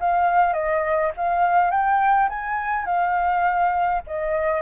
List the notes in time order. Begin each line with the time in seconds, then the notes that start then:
0.00 F5
0.53 D#5
1.17 F5
1.71 G5
2.29 G#5
2.86 F5
4.07 D#5